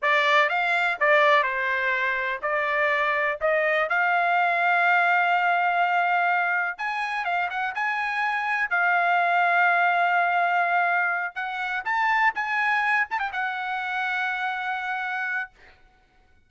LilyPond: \new Staff \with { instrumentName = "trumpet" } { \time 4/4 \tempo 4 = 124 d''4 f''4 d''4 c''4~ | c''4 d''2 dis''4 | f''1~ | f''2 gis''4 f''8 fis''8 |
gis''2 f''2~ | f''2.~ f''8 fis''8~ | fis''8 a''4 gis''4. a''16 g''16 fis''8~ | fis''1 | }